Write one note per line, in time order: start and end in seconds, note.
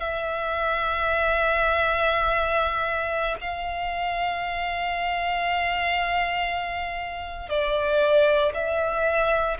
0.00 3.36 E5
3.41 7.50 F5
7.50 8.53 D5
8.54 9.58 E5